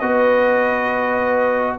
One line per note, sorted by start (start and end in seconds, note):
0.00 1.79 B3
0.00 1.79 F#4
0.00 1.79 B4
0.00 1.78 D#5